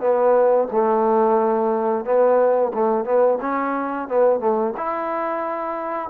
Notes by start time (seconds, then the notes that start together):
0.00 B3
0.71 A3
2.05 B3
2.74 A3
3.04 B3
3.41 C#4
4.08 B3
4.40 A3
4.77 E4